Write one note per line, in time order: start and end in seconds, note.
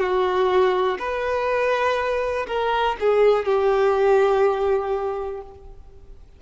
0.00 0.98 F#4
0.99 2.47 B4
2.47 2.96 A#4
3.00 3.46 G#4
3.46 5.42 G4